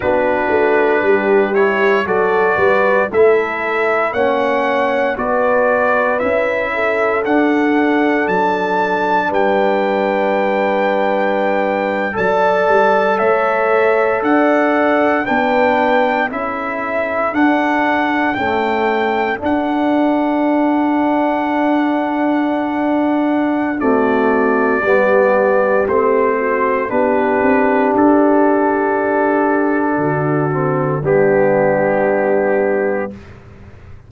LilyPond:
<<
  \new Staff \with { instrumentName = "trumpet" } { \time 4/4 \tempo 4 = 58 b'4. cis''8 d''4 e''4 | fis''4 d''4 e''4 fis''4 | a''4 g''2~ g''8. a''16~ | a''8. e''4 fis''4 g''4 e''16~ |
e''8. fis''4 g''4 fis''4~ fis''16~ | fis''2. d''4~ | d''4 c''4 b'4 a'4~ | a'2 g'2 | }
  \new Staff \with { instrumentName = "horn" } { \time 4/4 fis'4 g'4 a'8 b'8 a'4 | cis''4 b'4. a'4.~ | a'4 b'2~ b'8. d''16~ | d''8. cis''4 d''4 b'4 a'16~ |
a'1~ | a'2. fis'4 | g'4. fis'8 g'2~ | g'4 fis'4 d'2 | }
  \new Staff \with { instrumentName = "trombone" } { \time 4/4 d'4. e'8 fis'4 e'4 | cis'4 fis'4 e'4 d'4~ | d'2.~ d'8. a'16~ | a'2~ a'8. d'4 e'16~ |
e'8. d'4 a4 d'4~ d'16~ | d'2. a4 | b4 c'4 d'2~ | d'4. c'8 b2 | }
  \new Staff \with { instrumentName = "tuba" } { \time 4/4 b8 a8 g4 fis8 g8 a4 | ais4 b4 cis'4 d'4 | fis4 g2~ g8. fis16~ | fis16 g8 a4 d'4 b4 cis'16~ |
cis'8. d'4 cis'4 d'4~ d'16~ | d'2. c'4 | g4 a4 b8 c'8 d'4~ | d'4 d4 g2 | }
>>